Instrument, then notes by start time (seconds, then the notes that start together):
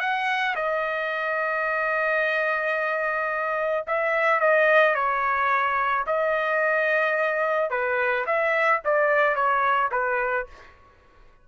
trumpet
0.00 F#5
0.55 D#5
3.87 E5
4.40 D#5
4.95 C#5
6.07 D#5
7.70 B4
8.26 E5
8.84 D5
9.35 C#5
9.91 B4